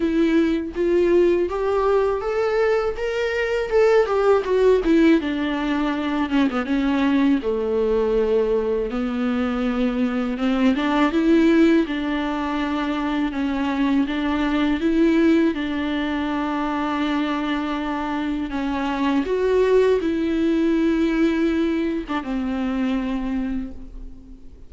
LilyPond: \new Staff \with { instrumentName = "viola" } { \time 4/4 \tempo 4 = 81 e'4 f'4 g'4 a'4 | ais'4 a'8 g'8 fis'8 e'8 d'4~ | d'8 cis'16 b16 cis'4 a2 | b2 c'8 d'8 e'4 |
d'2 cis'4 d'4 | e'4 d'2.~ | d'4 cis'4 fis'4 e'4~ | e'4.~ e'16 d'16 c'2 | }